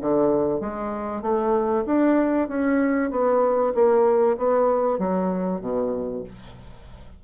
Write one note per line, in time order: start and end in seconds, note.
0.00 0.60 D3
0.60 1.21 G#3
1.21 1.84 A3
1.85 2.48 D4
2.48 3.10 C#4
3.11 3.73 B3
3.74 4.37 A#3
4.37 4.98 B3
4.98 5.61 F#3
5.61 6.23 B2